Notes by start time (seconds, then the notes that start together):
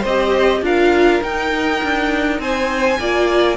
0.00 C4 C5 D#5
0.08 G4
0.61 D4 F4 A#4 F5
1.21 D#4 G5
1.83 D4
2.39 C4 C5 G#5
2.99 A#3 F4 D5